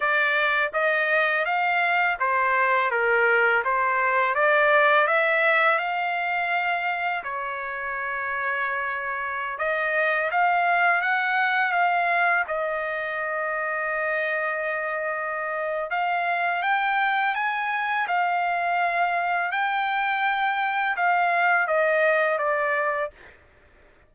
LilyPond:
\new Staff \with { instrumentName = "trumpet" } { \time 4/4 \tempo 4 = 83 d''4 dis''4 f''4 c''4 | ais'4 c''4 d''4 e''4 | f''2 cis''2~ | cis''4~ cis''16 dis''4 f''4 fis''8.~ |
fis''16 f''4 dis''2~ dis''8.~ | dis''2 f''4 g''4 | gis''4 f''2 g''4~ | g''4 f''4 dis''4 d''4 | }